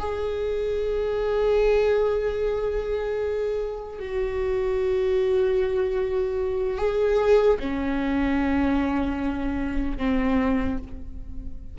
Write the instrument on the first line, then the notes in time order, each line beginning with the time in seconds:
viola
0.00 G#4
4.00 F#4
6.78 G#4
7.60 C#4
9.98 C4